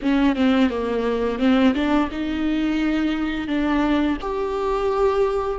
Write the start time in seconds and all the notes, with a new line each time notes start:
0.02 C#4
0.35 C4
0.70 A#3
1.39 C4
1.74 D4
2.11 D#4
3.47 D4
4.21 G4